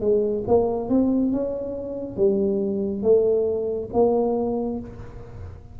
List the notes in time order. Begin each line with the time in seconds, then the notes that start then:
0.00 G#3
0.47 A#3
0.89 C4
1.32 C#4
2.16 G3
3.02 A3
3.93 A#3